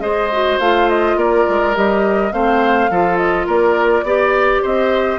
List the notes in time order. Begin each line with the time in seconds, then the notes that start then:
0.00 G#3 G#4 C5 D#5
0.32 F#4
0.59 A3 F4 F5
0.89 D#5
1.16 A#3 A#4 D5
1.49 G#3
1.74 G3 G4 D#5
2.32 A3 C4 C5 F5
2.90 F3 F4 A4
3.17 D#5
3.47 A#3 A#4 D5
4.03 B3 G4 D5
4.62 C4 C5 D#5